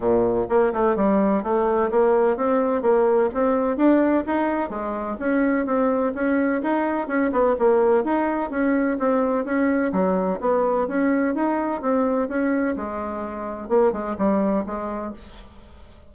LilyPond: \new Staff \with { instrumentName = "bassoon" } { \time 4/4 \tempo 4 = 127 ais,4 ais8 a8 g4 a4 | ais4 c'4 ais4 c'4 | d'4 dis'4 gis4 cis'4 | c'4 cis'4 dis'4 cis'8 b8 |
ais4 dis'4 cis'4 c'4 | cis'4 fis4 b4 cis'4 | dis'4 c'4 cis'4 gis4~ | gis4 ais8 gis8 g4 gis4 | }